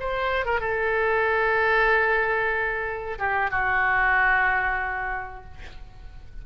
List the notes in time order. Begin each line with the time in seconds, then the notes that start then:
0.00 C5
0.45 A#4
0.60 A4
3.19 G4
3.51 F#4